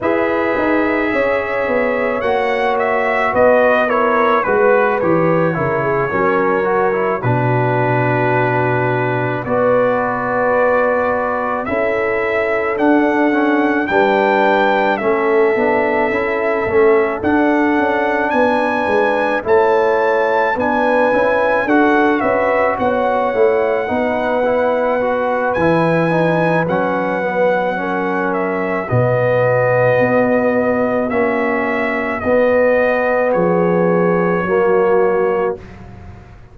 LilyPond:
<<
  \new Staff \with { instrumentName = "trumpet" } { \time 4/4 \tempo 4 = 54 e''2 fis''8 e''8 dis''8 cis''8 | b'8 cis''2 b'4.~ | b'8 d''2 e''4 fis''8~ | fis''8 g''4 e''2 fis''8~ |
fis''8 gis''4 a''4 gis''4 fis''8 | e''8 fis''2~ fis''8 gis''4 | fis''4. e''8 dis''2 | e''4 dis''4 cis''2 | }
  \new Staff \with { instrumentName = "horn" } { \time 4/4 b'4 cis''2 b'8 ais'8 | b'4 ais'16 gis'16 ais'4 fis'4.~ | fis'8 b'2 a'4.~ | a'8 b'4 a'2~ a'8~ |
a'8 b'4 cis''4 b'4 a'8 | b'8 cis''4 b'2~ b'8~ | b'4 ais'4 fis'2~ | fis'2 gis'4 fis'4 | }
  \new Staff \with { instrumentName = "trombone" } { \time 4/4 gis'2 fis'4. e'8 | fis'8 g'8 e'8 cis'8 fis'16 e'16 d'4.~ | d'8 fis'2 e'4 d'8 | cis'8 d'4 cis'8 d'8 e'8 cis'8 d'8~ |
d'4. e'4 d'8 e'8 fis'8~ | fis'4 e'8 dis'8 e'8 fis'8 e'8 dis'8 | cis'8 b8 cis'4 b2 | cis'4 b2 ais4 | }
  \new Staff \with { instrumentName = "tuba" } { \time 4/4 e'8 dis'8 cis'8 b8 ais4 b4 | gis8 e8 cis8 fis4 b,4.~ | b,8 b2 cis'4 d'8~ | d'8 g4 a8 b8 cis'8 a8 d'8 |
cis'8 b8 gis8 a4 b8 cis'8 d'8 | cis'8 b8 a8 b4. e4 | fis2 b,4 b4 | ais4 b4 f4 fis4 | }
>>